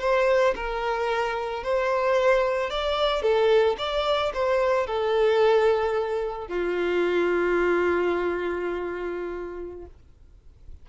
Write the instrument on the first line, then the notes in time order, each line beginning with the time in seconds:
violin
0.00 C5
0.55 A#4
1.63 C5
2.70 D5
3.22 A4
3.78 D5
4.34 C5
4.86 A4
6.48 F4